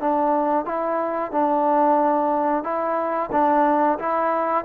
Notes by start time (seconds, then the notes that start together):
0.00 D4
0.65 E4
1.32 D4
2.64 E4
3.32 D4
3.99 E4